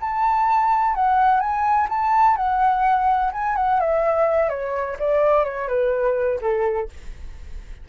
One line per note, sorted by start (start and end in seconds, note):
0.00 0.94 A5
0.94 1.40 F#5
1.40 1.87 G#5
1.89 2.36 A5
2.36 3.31 F#5
3.32 3.56 G#5
3.56 3.80 F#5
3.80 4.49 E5
4.49 4.96 C#5
4.99 5.44 D5
5.44 5.68 C#5
5.68 6.39 B4
6.41 6.88 A4